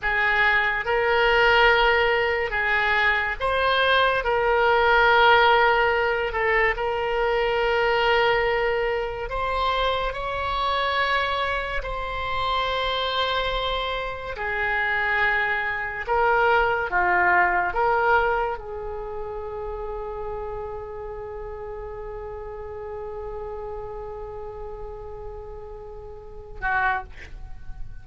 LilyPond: \new Staff \with { instrumentName = "oboe" } { \time 4/4 \tempo 4 = 71 gis'4 ais'2 gis'4 | c''4 ais'2~ ais'8 a'8 | ais'2. c''4 | cis''2 c''2~ |
c''4 gis'2 ais'4 | f'4 ais'4 gis'2~ | gis'1~ | gis'2.~ gis'8 fis'8 | }